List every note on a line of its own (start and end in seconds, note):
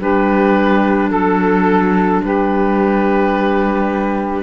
0.00 1.10 G3
0.00 4.43 D4
0.00 1.11 G4
0.00 1.11 B4
1.10 2.22 F#3
1.10 2.22 A4
2.24 4.43 G3
2.24 4.43 G4
2.24 4.43 B4